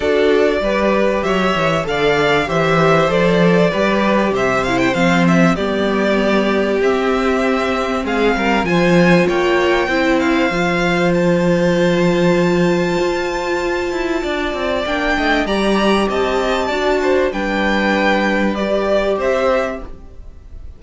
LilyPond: <<
  \new Staff \with { instrumentName = "violin" } { \time 4/4 \tempo 4 = 97 d''2 e''4 f''4 | e''4 d''2 e''8 f''16 g''16 | f''8 e''8 d''2 e''4~ | e''4 f''4 gis''4 g''4~ |
g''8 f''4. a''2~ | a''1 | g''4 ais''4 a''2 | g''2 d''4 e''4 | }
  \new Staff \with { instrumentName = "violin" } { \time 4/4 a'4 b'4 cis''4 d''4 | c''2 b'4 c''4~ | c''4 g'2.~ | g'4 gis'8 ais'8 c''4 cis''4 |
c''1~ | c''2. d''4~ | d''8 dis''8 d''4 dis''4 d''8 c''8 | b'2. c''4 | }
  \new Staff \with { instrumentName = "viola" } { \time 4/4 fis'4 g'2 a'4 | g'4 a'4 g'4. e'8 | c'4 b2 c'4~ | c'2 f'2 |
e'4 f'2.~ | f'1 | d'4 g'2 fis'4 | d'2 g'2 | }
  \new Staff \with { instrumentName = "cello" } { \time 4/4 d'4 g4 fis8 e8 d4 | e4 f4 g4 c4 | f4 g2 c'4~ | c'4 gis8 g8 f4 ais4 |
c'4 f2.~ | f4 f'4. e'8 d'8 c'8 | ais8 a8 g4 c'4 d'4 | g2. c'4 | }
>>